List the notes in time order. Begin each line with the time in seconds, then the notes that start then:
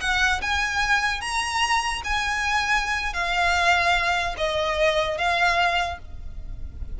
0.00 F#5
0.41 G#5
1.21 A#5
2.04 G#5
3.13 F5
4.37 D#5
5.17 F5